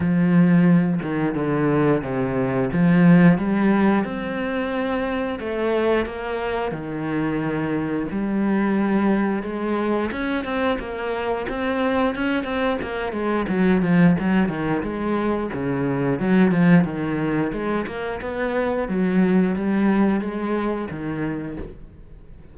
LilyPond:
\new Staff \with { instrumentName = "cello" } { \time 4/4 \tempo 4 = 89 f4. dis8 d4 c4 | f4 g4 c'2 | a4 ais4 dis2 | g2 gis4 cis'8 c'8 |
ais4 c'4 cis'8 c'8 ais8 gis8 | fis8 f8 fis8 dis8 gis4 cis4 | fis8 f8 dis4 gis8 ais8 b4 | fis4 g4 gis4 dis4 | }